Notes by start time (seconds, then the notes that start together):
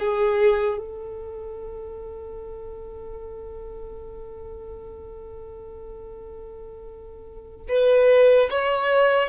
0.00 G#4
0.79 A4
7.69 B4
8.51 C#5